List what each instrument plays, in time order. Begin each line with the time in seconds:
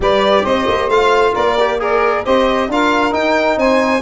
0.00 tuba G3, trombone G4, saxophone B4, violin D5
0.42 tuba C4, saxophone C5, violin D#5
0.67 tuba A#3
0.89 tuba A3, trombone F4, violin F5
1.33 tuba A#3, saxophone A#4, violin D5
1.59 trombone G4
1.79 trombone G#4, violin A#4, saxophone D5
2.24 tuba C4, trombone G4, saxophone C5, violin D#5
2.68 tuba D4, trombone F4, saxophone A#4, violin F5
3.11 trombone D#4, tuba D#4, violin G5
3.56 tuba C4, saxophone C5, violin G#5